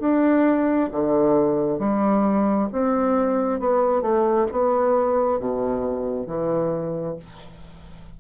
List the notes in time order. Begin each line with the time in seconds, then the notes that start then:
0.00 D4
0.92 D3
1.79 G3
2.72 C4
3.60 B3
4.02 A3
4.51 B3
5.39 B2
6.27 E3